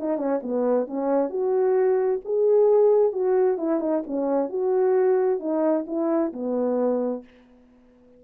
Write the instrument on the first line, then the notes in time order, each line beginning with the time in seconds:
horn
0.00 D#4
0.18 C#4
0.43 B3
0.87 C#4
1.30 F#4
2.25 G#4
3.13 F#4
3.58 E4
3.81 D#4
4.07 C#4
4.50 F#4
5.40 D#4
5.87 E4
6.33 B3